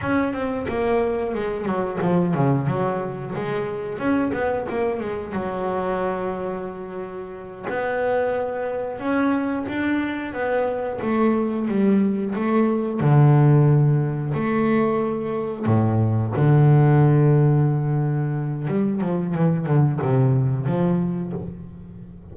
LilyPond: \new Staff \with { instrumentName = "double bass" } { \time 4/4 \tempo 4 = 90 cis'8 c'8 ais4 gis8 fis8 f8 cis8 | fis4 gis4 cis'8 b8 ais8 gis8 | fis2.~ fis8 b8~ | b4. cis'4 d'4 b8~ |
b8 a4 g4 a4 d8~ | d4. a2 a,8~ | a,8 d2.~ d8 | g8 f8 e8 d8 c4 f4 | }